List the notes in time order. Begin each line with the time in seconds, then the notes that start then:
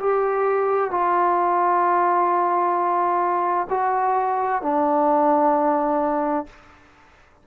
0.00 G4
0.91 F4
3.70 F#4
4.62 D4